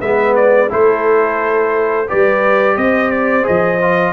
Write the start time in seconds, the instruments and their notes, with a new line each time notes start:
0.00 tuba G#3, trombone B3, horn B4, trumpet E5
0.35 trumpet D5
0.69 tuba A3, trombone E4, horn A4, trumpet C5
2.07 tuba G3, trombone G4, horn B4, trumpet D5
2.77 tuba C4, horn C5, trumpet D#5
3.11 trumpet D5
3.43 tuba F3, trombone G#4, trumpet D#5
3.81 trombone F4